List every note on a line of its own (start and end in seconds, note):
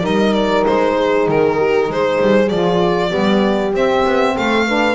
0.00 0.66 G3
0.00 2.47 D#4
0.00 0.95 A#4
0.00 0.34 D#5
0.34 0.65 D5
0.66 1.28 G#3
0.66 1.28 C5
0.96 1.58 G#4
1.28 1.89 D#3
1.28 1.92 A#4
1.58 1.89 G4
1.89 2.20 G#3
1.89 3.10 G#4
1.89 2.49 C5
2.21 2.50 G3
2.49 3.12 F3
2.49 3.10 F4
2.49 3.73 D5
3.10 3.74 G3
3.10 3.72 B3
3.10 4.34 G4
3.74 4.05 C4
3.74 4.67 C4
3.74 4.38 E5
4.06 4.37 B3
4.37 4.95 A3
4.37 4.68 A4
4.37 4.95 F5
4.67 4.95 D4
4.67 4.95 B4